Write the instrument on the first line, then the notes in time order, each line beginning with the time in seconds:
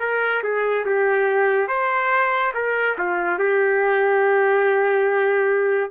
trumpet
0.00 A#4
0.43 G#4
0.86 G4
1.69 C5
2.54 A#4
2.98 F4
3.39 G4